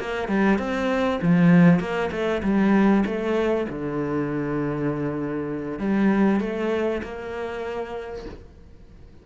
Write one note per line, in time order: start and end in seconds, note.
0.00 0.29 A#3
0.29 0.59 G3
0.59 1.20 C4
1.22 1.80 F3
1.80 2.11 A#3
2.12 2.42 A3
2.43 3.04 G3
3.06 3.67 A3
3.69 5.79 D3
5.79 6.41 G3
6.41 7.02 A3
7.03 8.26 A#3